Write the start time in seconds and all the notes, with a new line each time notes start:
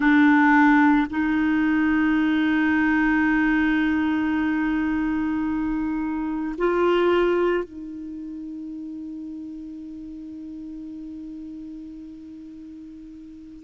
0.00 D4
1.10 D#4
6.58 F4
7.64 D#4